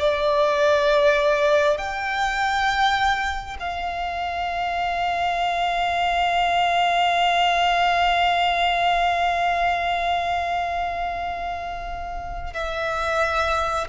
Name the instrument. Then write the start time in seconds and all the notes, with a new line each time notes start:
violin
0.00 D5
1.78 G5
3.60 F5
12.54 E5